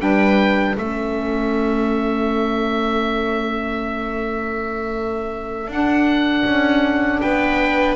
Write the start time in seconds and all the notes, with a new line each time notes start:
0.00 G3 D4 B4 G5
0.76 A3 C#4 A4 E5
5.67 D4 F#5
6.46 C#4
7.21 B3 B4 G5